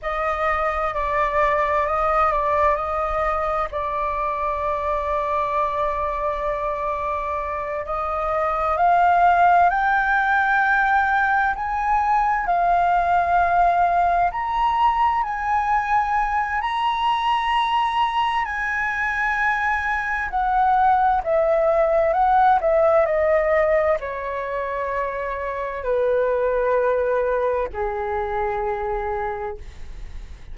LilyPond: \new Staff \with { instrumentName = "flute" } { \time 4/4 \tempo 4 = 65 dis''4 d''4 dis''8 d''8 dis''4 | d''1~ | d''8 dis''4 f''4 g''4.~ | g''8 gis''4 f''2 ais''8~ |
ais''8 gis''4. ais''2 | gis''2 fis''4 e''4 | fis''8 e''8 dis''4 cis''2 | b'2 gis'2 | }